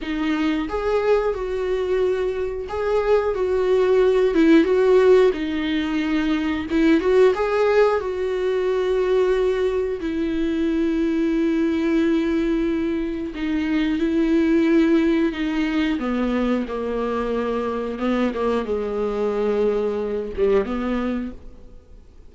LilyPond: \new Staff \with { instrumentName = "viola" } { \time 4/4 \tempo 4 = 90 dis'4 gis'4 fis'2 | gis'4 fis'4. e'8 fis'4 | dis'2 e'8 fis'8 gis'4 | fis'2. e'4~ |
e'1 | dis'4 e'2 dis'4 | b4 ais2 b8 ais8 | gis2~ gis8 g8 b4 | }